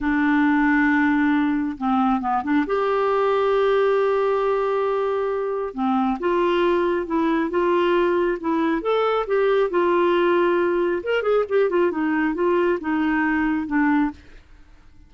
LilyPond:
\new Staff \with { instrumentName = "clarinet" } { \time 4/4 \tempo 4 = 136 d'1 | c'4 b8 d'8 g'2~ | g'1~ | g'4 c'4 f'2 |
e'4 f'2 e'4 | a'4 g'4 f'2~ | f'4 ais'8 gis'8 g'8 f'8 dis'4 | f'4 dis'2 d'4 | }